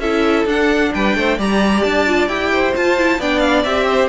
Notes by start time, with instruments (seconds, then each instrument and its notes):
0.00 cello C#4, viola E4, violin A4 E5
0.46 cello D4, viola D4, violin F#5
0.95 cello G3, violin B4 G5
1.16 cello A3, violin C5
1.38 cello G3, viola G4, violin D5 A#5
1.83 cello D4, violin A5
2.08 viola F4
2.28 cello E4, viola G4, violin G5
2.53 violin C5
2.76 viola F4, cello F4, violin A5
2.98 viola E4
3.20 cello B3, viola D4, violin D5 G5
3.40 violin F5
3.64 cello C4, viola G4, violin E5
3.88 violin C5